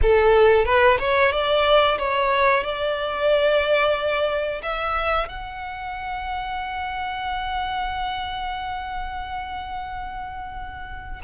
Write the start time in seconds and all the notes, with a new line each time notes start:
0.02 A4
0.65 B4
0.99 C#5
1.32 D5
1.98 C#5
2.63 D5
4.62 E5
5.28 F#5